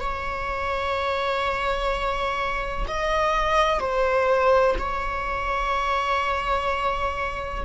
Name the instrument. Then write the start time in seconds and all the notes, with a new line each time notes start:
viola
0.00 C#5
2.88 D#5
3.80 C5
4.78 C#5